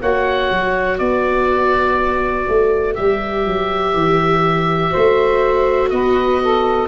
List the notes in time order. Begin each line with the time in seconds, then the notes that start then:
0.00 A#3 F#4 C#5 F#5
0.51 F#3
0.98 B3 B4 D5
2.48 A3
2.95 G3 G4 E5
3.46 F#3
3.94 E3
4.90 A3 F#4 C5
5.90 B3 B4 D#5
6.42 A4